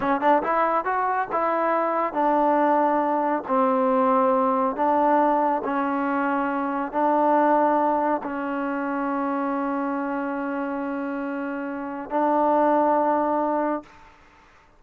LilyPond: \new Staff \with { instrumentName = "trombone" } { \time 4/4 \tempo 4 = 139 cis'8 d'8 e'4 fis'4 e'4~ | e'4 d'2. | c'2. d'4~ | d'4 cis'2. |
d'2. cis'4~ | cis'1~ | cis'1 | d'1 | }